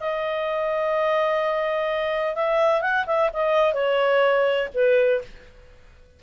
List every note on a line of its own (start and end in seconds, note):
0.00 2.35 D#5
2.35 2.81 E5
2.81 3.05 F#5
3.06 3.30 E5
3.33 3.74 D#5
3.74 4.69 C#5
4.74 5.22 B4